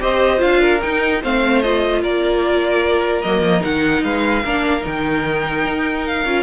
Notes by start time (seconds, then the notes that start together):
0.00 C4 G4 C5 D#5
0.38 D4 F4 F5
0.61 A#4
0.82 D#4 G5
1.22 A3 C4 C5 F5
1.62 F4 D#5
2.02 A#3 A#4 D5
3.22 F#3 A#3 D#5
3.42 F3
3.61 D#3 D#4 F#5
4.04 G#3 B4 F5
4.44 A#3 D4 A#4
4.81 D#3 D#4
4.87 G5
5.65 D#4
6.07 F5
6.25 C#4 F4